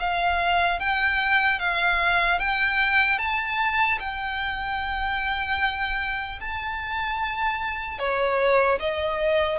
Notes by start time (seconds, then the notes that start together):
0.00 F5
0.80 G5
1.60 F5
2.40 G5
3.19 A5
4.00 G5
6.41 A5
7.99 C#5
8.80 D#5